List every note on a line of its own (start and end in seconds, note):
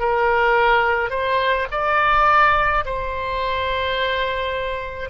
0.00 1.11 A#4
1.11 1.67 C5
1.71 2.85 D5
2.86 5.10 C5